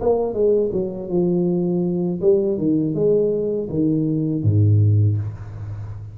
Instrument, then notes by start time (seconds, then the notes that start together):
tuba
0.00 A#3
0.33 G#3
0.72 F#3
1.09 F3
2.21 G3
2.57 D#3
2.94 G#3
3.69 D#3
4.43 G#2